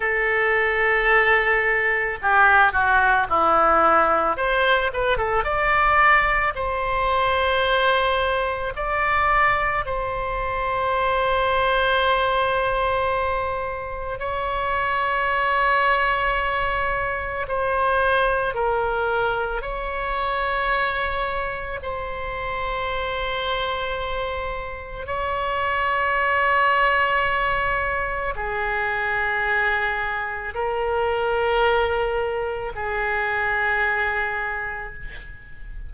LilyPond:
\new Staff \with { instrumentName = "oboe" } { \time 4/4 \tempo 4 = 55 a'2 g'8 fis'8 e'4 | c''8 b'16 a'16 d''4 c''2 | d''4 c''2.~ | c''4 cis''2. |
c''4 ais'4 cis''2 | c''2. cis''4~ | cis''2 gis'2 | ais'2 gis'2 | }